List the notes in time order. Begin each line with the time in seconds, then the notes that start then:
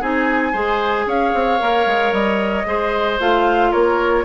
0.00 C4 D#4 G#4 G#5
0.52 G#3 G#4 C5
1.06 C#4 C#5 F5
1.34 C4
1.59 A#3 A#4
1.86 G#3
2.12 G3 D#5
2.65 G#3 G#4 C5
3.19 A3 F4 F5
3.71 A#3 A#4 C#5